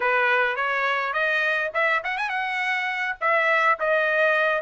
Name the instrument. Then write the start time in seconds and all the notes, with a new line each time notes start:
trumpet
0.00 B4
0.56 C#5
1.13 D#5
1.74 E5
2.03 F#5
2.17 G#5
2.29 F#5
3.20 E5
3.79 D#5